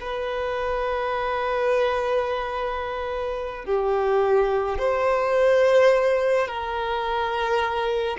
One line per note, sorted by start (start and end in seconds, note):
0.00 3.65 B4
3.65 4.78 G4
4.79 6.47 C5
6.47 8.17 A#4